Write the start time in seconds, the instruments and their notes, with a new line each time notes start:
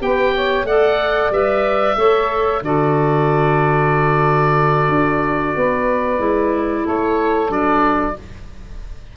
0.00 tuba B3, clarinet G4, saxophone B4, oboe G5
0.35 saxophone C#5
0.64 tuba A3, clarinet A4, saxophone D5, oboe F#5
1.31 tuba G3, clarinet B4, oboe E5
1.97 tuba A3, clarinet A4, saxophone C#5
2.62 tuba D3, clarinet F#4, saxophone A4, oboe D5
4.89 tuba D4
5.56 tuba B3, saxophone B4
6.19 tuba G#3, clarinet E4
6.84 tuba A3, saxophone A4, oboe C#5
7.49 tuba F#3, clarinet D4, oboe D5